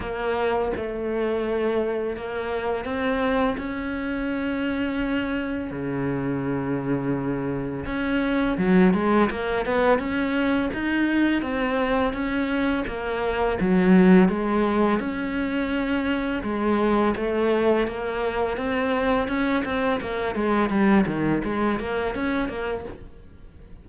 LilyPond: \new Staff \with { instrumentName = "cello" } { \time 4/4 \tempo 4 = 84 ais4 a2 ais4 | c'4 cis'2. | cis2. cis'4 | fis8 gis8 ais8 b8 cis'4 dis'4 |
c'4 cis'4 ais4 fis4 | gis4 cis'2 gis4 | a4 ais4 c'4 cis'8 c'8 | ais8 gis8 g8 dis8 gis8 ais8 cis'8 ais8 | }